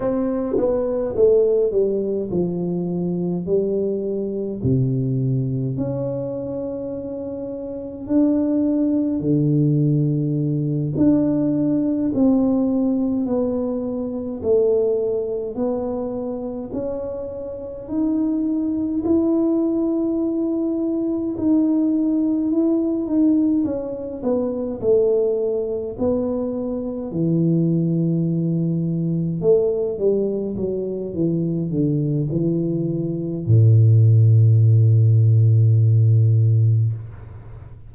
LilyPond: \new Staff \with { instrumentName = "tuba" } { \time 4/4 \tempo 4 = 52 c'8 b8 a8 g8 f4 g4 | c4 cis'2 d'4 | d4. d'4 c'4 b8~ | b8 a4 b4 cis'4 dis'8~ |
dis'8 e'2 dis'4 e'8 | dis'8 cis'8 b8 a4 b4 e8~ | e4. a8 g8 fis8 e8 d8 | e4 a,2. | }